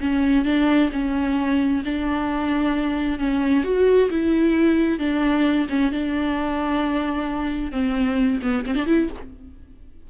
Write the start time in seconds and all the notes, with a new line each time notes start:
0.00 C#4
0.45 D4
0.92 C#4
1.85 D4
3.19 C#4
3.64 F#4
4.10 E4
4.99 D4
5.69 C#4
5.92 D4
7.72 C4
8.42 B3
8.66 C4
8.75 D4
8.86 E4